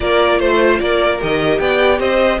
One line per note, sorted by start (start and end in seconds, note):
0.00 0.39 A#3
0.00 1.19 F4
0.00 0.39 A#4
0.00 0.39 D5
0.39 0.79 A3
0.39 0.79 C5
0.79 1.21 A#3
0.79 1.61 A#4
0.79 1.19 D5
1.19 1.59 D#3
1.19 2.39 G4
1.19 1.59 D#5
1.59 1.99 B3
1.59 1.99 D5
1.59 1.99 G5
1.99 2.39 C4
1.99 2.39 C5
1.99 2.39 D#5